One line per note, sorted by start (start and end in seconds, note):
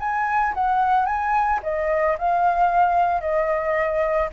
0.00 0.54 G#5
0.54 1.06 F#5
1.06 1.60 G#5
1.63 2.17 D#5
2.18 3.21 F5
3.21 4.29 D#5